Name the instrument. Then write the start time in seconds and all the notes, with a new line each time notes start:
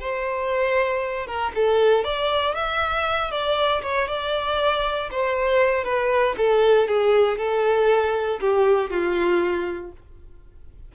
violin
0.00 C5
1.26 A#4
1.55 A4
2.04 D5
2.55 E5
3.31 D5
3.82 C#5
4.08 D5
5.11 C5
5.84 B4
6.37 A4
6.88 G#4
7.38 A4
8.40 G4
8.90 F4